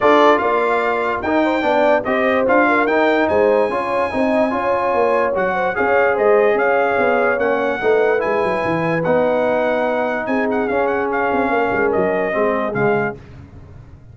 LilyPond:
<<
  \new Staff \with { instrumentName = "trumpet" } { \time 4/4 \tempo 4 = 146 d''4 f''2 g''4~ | g''4 dis''4 f''4 g''4 | gis''1~ | gis''4 fis''4 f''4 dis''4 |
f''2 fis''2 | gis''2 fis''2~ | fis''4 gis''8 fis''8 f''8 fis''8 f''4~ | f''4 dis''2 f''4 | }
  \new Staff \with { instrumentName = "horn" } { \time 4/4 a'4 d''2 ais'8 c''8 | d''4 c''4. ais'4. | c''4 cis''4 dis''4 cis''4~ | cis''4. c''8 cis''4 c''4 |
cis''2. b'4~ | b'1~ | b'4 gis'2. | ais'2 gis'2 | }
  \new Staff \with { instrumentName = "trombone" } { \time 4/4 f'2. dis'4 | d'4 g'4 f'4 dis'4~ | dis'4 f'4 dis'4 f'4~ | f'4 fis'4 gis'2~ |
gis'2 cis'4 dis'4 | e'2 dis'2~ | dis'2 cis'2~ | cis'2 c'4 gis4 | }
  \new Staff \with { instrumentName = "tuba" } { \time 4/4 d'4 ais2 dis'4 | b4 c'4 d'4 dis'4 | gis4 cis'4 c'4 cis'4 | ais4 fis4 cis'4 gis4 |
cis'4 b4 ais4 a4 | gis8 fis8 e4 b2~ | b4 c'4 cis'4. c'8 | ais8 gis8 fis4 gis4 cis4 | }
>>